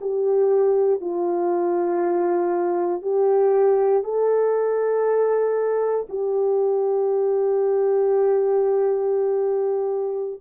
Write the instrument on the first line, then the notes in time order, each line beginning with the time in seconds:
horn
0.00 G4
1.00 F4
3.02 G4
4.03 A4
6.09 G4